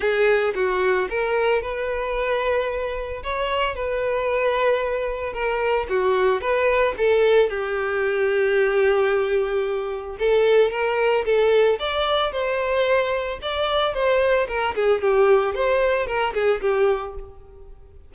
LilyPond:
\new Staff \with { instrumentName = "violin" } { \time 4/4 \tempo 4 = 112 gis'4 fis'4 ais'4 b'4~ | b'2 cis''4 b'4~ | b'2 ais'4 fis'4 | b'4 a'4 g'2~ |
g'2. a'4 | ais'4 a'4 d''4 c''4~ | c''4 d''4 c''4 ais'8 gis'8 | g'4 c''4 ais'8 gis'8 g'4 | }